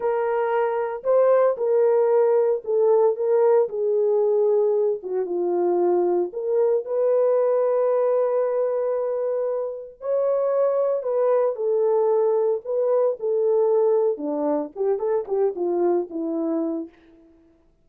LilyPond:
\new Staff \with { instrumentName = "horn" } { \time 4/4 \tempo 4 = 114 ais'2 c''4 ais'4~ | ais'4 a'4 ais'4 gis'4~ | gis'4. fis'8 f'2 | ais'4 b'2.~ |
b'2. cis''4~ | cis''4 b'4 a'2 | b'4 a'2 d'4 | g'8 a'8 g'8 f'4 e'4. | }